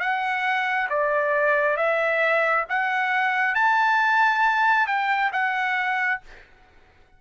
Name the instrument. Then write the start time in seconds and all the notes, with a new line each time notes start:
trumpet
0.00 F#5
0.90 D5
1.77 E5
2.70 F#5
3.55 A5
4.87 G5
5.33 F#5